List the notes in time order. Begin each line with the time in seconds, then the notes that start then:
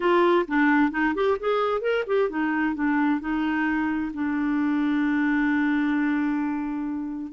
0.00 F4
0.47 D4
0.91 D#4
1.15 G4
1.39 G#4
1.81 A#4
2.07 G4
2.29 D#4
2.74 D4
3.20 D#4
4.13 D4